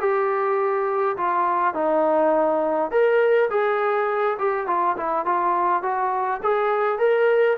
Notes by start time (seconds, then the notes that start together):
0.00 G4
1.17 F4
1.74 D#4
2.91 A#4
3.50 G#4
4.38 G4
4.67 F4
4.97 E4
5.25 F4
5.83 F#4
6.43 G#4
6.99 A#4